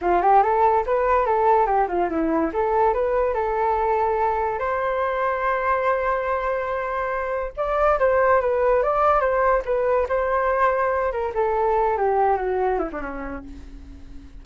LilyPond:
\new Staff \with { instrumentName = "flute" } { \time 4/4 \tempo 4 = 143 f'8 g'8 a'4 b'4 a'4 | g'8 f'8 e'4 a'4 b'4 | a'2. c''4~ | c''1~ |
c''2 d''4 c''4 | b'4 d''4 c''4 b'4 | c''2~ c''8 ais'8 a'4~ | a'8 g'4 fis'4 e'16 d'16 cis'4 | }